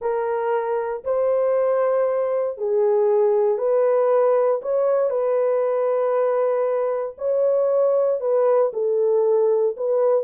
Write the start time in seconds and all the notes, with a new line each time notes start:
0.01 A#4
1.04 C5
2.57 G#4
3.58 B4
4.62 C#5
5.10 B4
7.18 C#5
8.20 B4
8.73 A4
9.76 B4